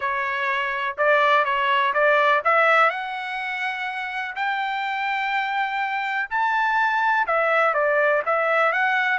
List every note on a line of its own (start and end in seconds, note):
0.00 0.96 C#5
0.97 1.44 D5
1.44 1.93 C#5
1.93 2.42 D5
2.44 2.89 E5
2.89 4.35 F#5
4.35 6.29 G5
6.29 7.26 A5
7.26 7.74 E5
7.74 8.22 D5
8.25 8.72 E5
8.72 9.18 F#5